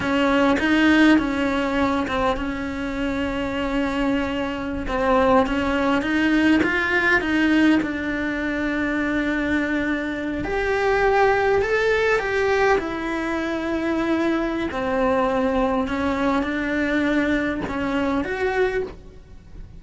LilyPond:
\new Staff \with { instrumentName = "cello" } { \time 4/4 \tempo 4 = 102 cis'4 dis'4 cis'4. c'8 | cis'1~ | cis'16 c'4 cis'4 dis'4 f'8.~ | f'16 dis'4 d'2~ d'8.~ |
d'4.~ d'16 g'2 a'16~ | a'8. g'4 e'2~ e'16~ | e'4 c'2 cis'4 | d'2 cis'4 fis'4 | }